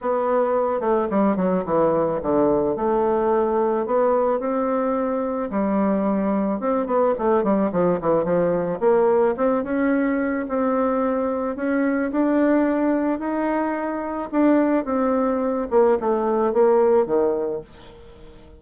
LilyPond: \new Staff \with { instrumentName = "bassoon" } { \time 4/4 \tempo 4 = 109 b4. a8 g8 fis8 e4 | d4 a2 b4 | c'2 g2 | c'8 b8 a8 g8 f8 e8 f4 |
ais4 c'8 cis'4. c'4~ | c'4 cis'4 d'2 | dis'2 d'4 c'4~ | c'8 ais8 a4 ais4 dis4 | }